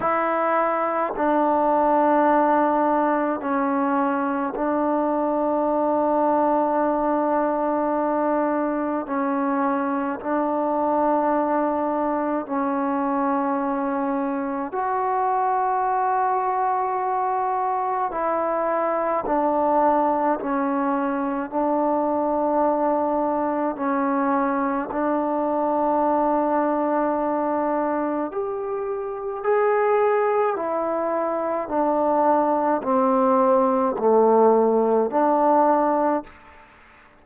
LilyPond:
\new Staff \with { instrumentName = "trombone" } { \time 4/4 \tempo 4 = 53 e'4 d'2 cis'4 | d'1 | cis'4 d'2 cis'4~ | cis'4 fis'2. |
e'4 d'4 cis'4 d'4~ | d'4 cis'4 d'2~ | d'4 g'4 gis'4 e'4 | d'4 c'4 a4 d'4 | }